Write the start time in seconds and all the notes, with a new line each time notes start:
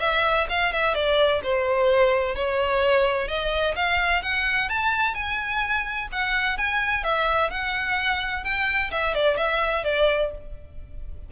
0.00 E5
0.49 F5
0.72 E5
0.94 D5
1.43 C5
2.35 C#5
3.28 D#5
3.75 F5
4.22 F#5
4.69 A5
5.14 G#5
6.12 F#5
6.58 G#5
7.04 E5
7.50 F#5
8.44 G5
8.91 E5
9.14 D5
9.37 E5
9.84 D5